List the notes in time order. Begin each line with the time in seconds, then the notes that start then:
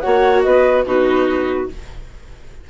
0.00 A#3 F#4 C#5 F#5
0.42 B3 B4 D#5
0.85 B2 D#4 F#4 B4